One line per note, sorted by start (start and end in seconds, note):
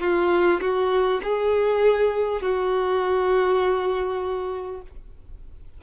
0.00 0.60 F4
0.61 1.21 F#4
1.23 2.41 G#4
2.41 4.81 F#4